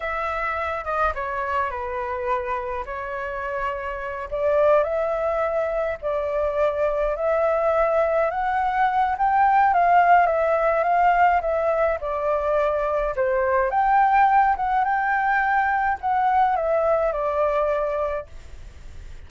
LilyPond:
\new Staff \with { instrumentName = "flute" } { \time 4/4 \tempo 4 = 105 e''4. dis''8 cis''4 b'4~ | b'4 cis''2~ cis''8 d''8~ | d''8 e''2 d''4.~ | d''8 e''2 fis''4. |
g''4 f''4 e''4 f''4 | e''4 d''2 c''4 | g''4. fis''8 g''2 | fis''4 e''4 d''2 | }